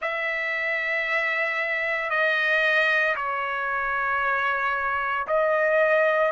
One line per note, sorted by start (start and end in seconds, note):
0.01 2.10 E5
2.10 3.15 D#5
3.16 5.26 C#5
5.27 6.32 D#5